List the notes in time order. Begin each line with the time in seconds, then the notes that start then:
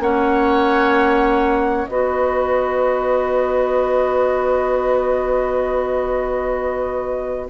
0.00 A#3 C#4 C#5 F#5
1.86 B3 F#4 B4 D#5